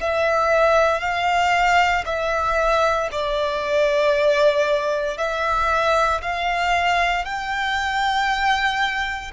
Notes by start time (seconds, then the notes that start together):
0.00 E5
1.00 F5
2.05 E5
3.11 D5
5.17 E5
6.21 F5
7.24 G5